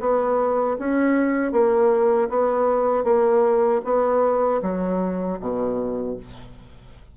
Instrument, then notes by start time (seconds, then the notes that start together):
bassoon
0.00 B3
0.78 C#4
1.52 A#3
2.29 B3
3.04 A#3
3.84 B3
4.62 F#3
5.40 B2